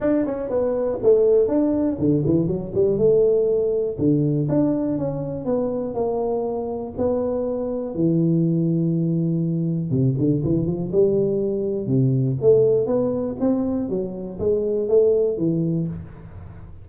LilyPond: \new Staff \with { instrumentName = "tuba" } { \time 4/4 \tempo 4 = 121 d'8 cis'8 b4 a4 d'4 | d8 e8 fis8 g8 a2 | d4 d'4 cis'4 b4 | ais2 b2 |
e1 | c8 d8 e8 f8 g2 | c4 a4 b4 c'4 | fis4 gis4 a4 e4 | }